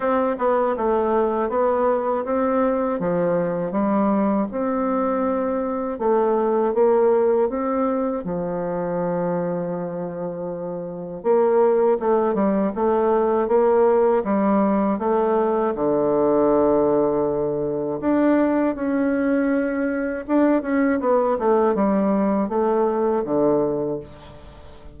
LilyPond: \new Staff \with { instrumentName = "bassoon" } { \time 4/4 \tempo 4 = 80 c'8 b8 a4 b4 c'4 | f4 g4 c'2 | a4 ais4 c'4 f4~ | f2. ais4 |
a8 g8 a4 ais4 g4 | a4 d2. | d'4 cis'2 d'8 cis'8 | b8 a8 g4 a4 d4 | }